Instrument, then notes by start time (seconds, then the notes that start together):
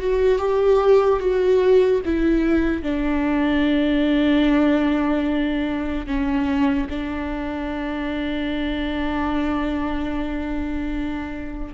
viola
0.00 F#4
0.39 G4
1.20 F#4
2.05 E4
2.83 D4
6.07 C#4
6.90 D4